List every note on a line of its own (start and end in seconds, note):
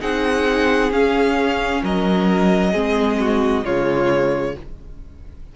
0.00 0.91 C4
0.00 0.91 D#4
0.00 1.82 G#4
0.00 0.92 F#5
0.91 1.82 C#4
0.91 2.73 C#4
0.91 1.83 F5
1.83 2.74 F#3
1.83 2.72 A#4
1.83 3.65 D#5
2.72 3.64 G#3
2.72 3.63 C4
2.72 3.17 G#4
3.20 3.64 F#4
3.63 4.55 C#3
3.63 4.54 G#3
3.63 4.55 F4
3.63 4.56 C#5